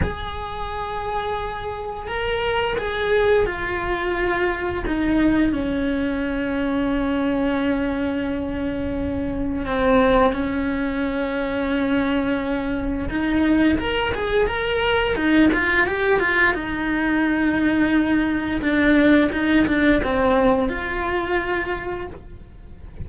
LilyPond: \new Staff \with { instrumentName = "cello" } { \time 4/4 \tempo 4 = 87 gis'2. ais'4 | gis'4 f'2 dis'4 | cis'1~ | cis'2 c'4 cis'4~ |
cis'2. dis'4 | ais'8 gis'8 ais'4 dis'8 f'8 g'8 f'8 | dis'2. d'4 | dis'8 d'8 c'4 f'2 | }